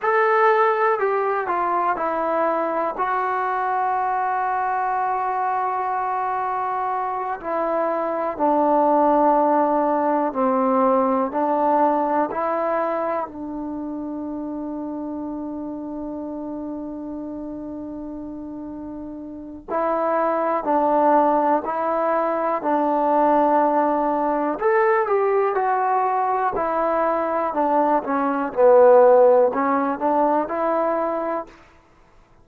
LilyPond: \new Staff \with { instrumentName = "trombone" } { \time 4/4 \tempo 4 = 61 a'4 g'8 f'8 e'4 fis'4~ | fis'2.~ fis'8 e'8~ | e'8 d'2 c'4 d'8~ | d'8 e'4 d'2~ d'8~ |
d'1 | e'4 d'4 e'4 d'4~ | d'4 a'8 g'8 fis'4 e'4 | d'8 cis'8 b4 cis'8 d'8 e'4 | }